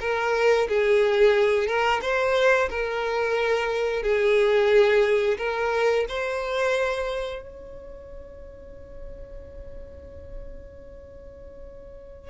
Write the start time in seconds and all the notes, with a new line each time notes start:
0.00 A#4
0.68 G#4
1.67 A#4
2.02 C5
2.70 A#4
4.03 G#4
5.38 A#4
6.08 C5
7.42 C#5